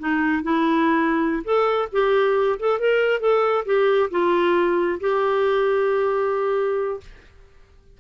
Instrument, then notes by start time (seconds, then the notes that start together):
clarinet
0.00 D#4
0.43 E4
1.44 A4
1.93 G4
2.60 A4
2.80 A#4
3.20 A4
3.66 G4
4.11 F4
5.01 G4